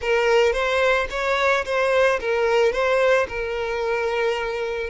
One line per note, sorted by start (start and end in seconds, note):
0.01 0.52 A#4
0.52 1.07 C5
1.10 1.64 C#5
1.65 2.19 C5
2.20 2.72 A#4
2.72 3.27 C5
3.28 4.89 A#4